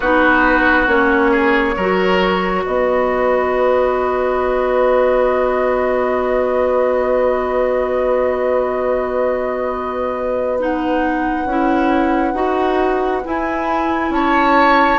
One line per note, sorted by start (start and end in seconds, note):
0.00 0.87 B3
0.00 0.87 D#4
0.00 1.31 F#4
0.00 0.86 B4
0.87 1.75 A#3
0.87 1.75 C#4
0.87 2.64 C#5
1.31 1.75 G#4
1.76 2.65 F#3
1.76 10.59 F#4
1.76 2.64 A#4
2.64 11.45 B3
2.64 14.11 B4
2.64 10.59 D#5
10.59 11.47 D#4
10.59 13.25 F#5
11.45 12.33 C#4
11.45 12.34 E4
12.33 13.21 D#4
12.33 13.22 F#4
13.24 14.99 E4
13.24 14.10 E4
13.24 14.12 G#5
14.10 14.98 C#4
14.10 14.99 C#5
14.10 14.99 A5